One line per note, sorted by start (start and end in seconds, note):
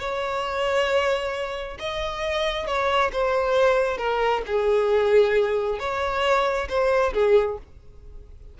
0.00 1.78 C#5
1.80 2.67 D#5
2.67 3.12 C#5
3.13 3.98 C5
3.98 4.42 A#4
4.47 5.79 G#4
5.79 6.68 C#5
6.69 7.14 C5
7.14 7.58 G#4